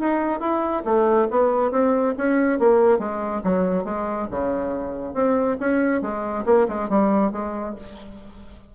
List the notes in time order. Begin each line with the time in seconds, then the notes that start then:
0.00 D#4
0.40 E4
0.85 A3
1.31 B3
1.71 C4
2.18 C#4
2.59 A#3
2.99 G#3
3.44 F#3
3.85 G#3
4.31 C#3
5.14 C4
5.60 C#4
6.02 G#3
6.46 A#3
6.69 G#3
6.89 G3
7.32 G#3